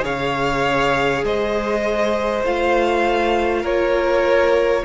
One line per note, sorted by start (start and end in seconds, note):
0.00 1.23 C#3
0.00 2.40 G#4
0.00 1.24 C#5
0.00 1.25 F5
1.23 2.43 G#3
1.23 3.62 C5
1.23 2.45 D#5
2.44 3.64 A3
2.44 4.84 F4
2.44 3.65 F5
3.62 4.84 A#3
3.62 4.82 A#4
3.62 4.84 C#5